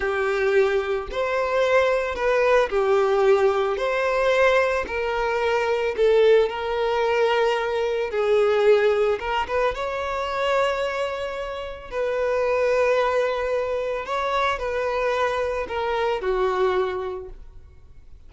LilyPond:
\new Staff \with { instrumentName = "violin" } { \time 4/4 \tempo 4 = 111 g'2 c''2 | b'4 g'2 c''4~ | c''4 ais'2 a'4 | ais'2. gis'4~ |
gis'4 ais'8 b'8 cis''2~ | cis''2 b'2~ | b'2 cis''4 b'4~ | b'4 ais'4 fis'2 | }